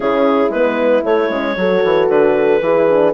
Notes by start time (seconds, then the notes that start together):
0.00 C#3 C#4 E4 G#4
0.49 G#3 B3 B4
1.03 A3 C#5
1.29 G#3 C#4
1.56 F#3 F#4 A4
1.84 E3
2.08 D3 B4
2.61 E3 E4 G#4
2.89 D4